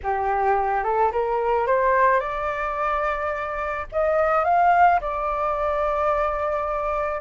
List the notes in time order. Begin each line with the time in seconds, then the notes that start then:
0.03 G4
0.83 A4
1.12 A#4
1.66 C5
2.19 D5
3.92 D#5
4.44 F5
5.00 D5